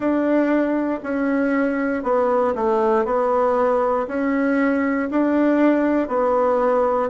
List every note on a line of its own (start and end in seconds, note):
0.00 1.00 D4
1.03 2.03 C#4
2.03 2.54 B3
2.55 3.05 A3
3.05 4.07 B3
4.07 5.09 C#4
5.11 6.07 D4
6.07 7.09 B3